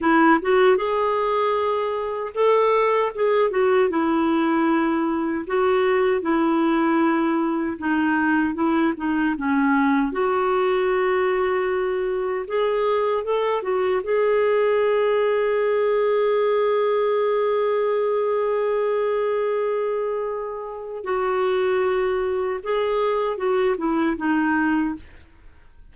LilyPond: \new Staff \with { instrumentName = "clarinet" } { \time 4/4 \tempo 4 = 77 e'8 fis'8 gis'2 a'4 | gis'8 fis'8 e'2 fis'4 | e'2 dis'4 e'8 dis'8 | cis'4 fis'2. |
gis'4 a'8 fis'8 gis'2~ | gis'1~ | gis'2. fis'4~ | fis'4 gis'4 fis'8 e'8 dis'4 | }